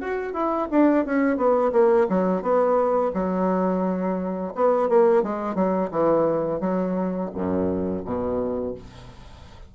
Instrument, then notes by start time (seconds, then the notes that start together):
bassoon
0.00 F#4
0.33 E4
0.71 D4
1.05 C#4
1.37 B3
1.73 A#3
2.09 F#3
2.42 B3
3.14 F#3
4.55 B3
4.89 A#3
5.23 G#3
5.55 F#3
5.91 E3
6.61 F#3
7.34 F#2
8.05 B2